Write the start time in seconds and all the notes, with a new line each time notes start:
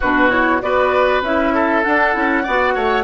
0.00 B2 D4 F#4 B4
0.29 E4 C#5
0.61 B3 F#4 B4 D5
1.21 C#4 E4 E5
1.54 A4
1.83 D4 F#5
2.13 C#4 E4
2.43 B3 F#4 D5
2.74 A3 C#5